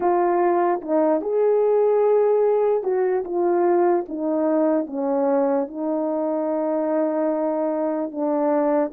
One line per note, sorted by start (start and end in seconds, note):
0.00 0.80 F4
0.81 1.21 D#4
1.21 2.83 G#4
2.83 3.23 F#4
3.24 4.05 F4
4.08 4.86 D#4
4.86 5.67 C#4
5.68 8.11 D#4
8.11 8.92 D4